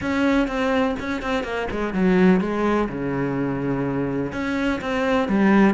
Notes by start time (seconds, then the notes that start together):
0.01 C#4
0.47 C4
0.99 C#4
1.22 C4
1.43 A#3
1.70 G#3
1.93 F#3
2.40 G#3
2.88 C#3
4.32 C#4
4.81 C4
5.28 G3